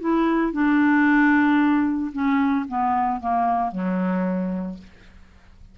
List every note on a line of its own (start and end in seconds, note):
0.00 0.52 E4
0.52 2.12 D4
2.12 2.65 C#4
2.68 3.20 B3
3.20 3.72 A#3
3.72 4.78 F#3